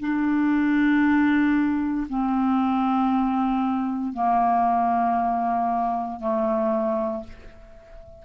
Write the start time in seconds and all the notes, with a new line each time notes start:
0.00 D4
2.09 C4
4.13 A#3
6.20 A3